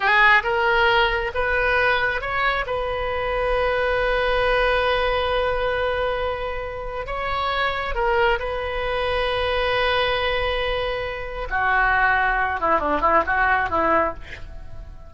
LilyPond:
\new Staff \with { instrumentName = "oboe" } { \time 4/4 \tempo 4 = 136 gis'4 ais'2 b'4~ | b'4 cis''4 b'2~ | b'1~ | b'1 |
cis''2 ais'4 b'4~ | b'1~ | b'2 fis'2~ | fis'8 e'8 d'8 e'8 fis'4 e'4 | }